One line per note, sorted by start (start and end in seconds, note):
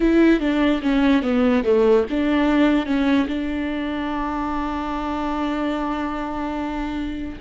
0.00 0.40 E4
0.40 0.81 D4
0.81 1.22 C#4
1.22 1.63 B3
1.64 2.05 A3
2.10 2.85 D4
2.85 3.27 C#4
3.27 7.38 D4